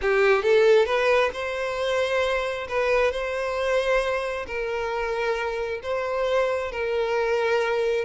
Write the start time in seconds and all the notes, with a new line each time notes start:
0.01 G4
0.43 A4
0.85 B4
1.33 C5
2.68 B4
3.11 C5
4.46 A#4
5.82 C5
6.71 A#4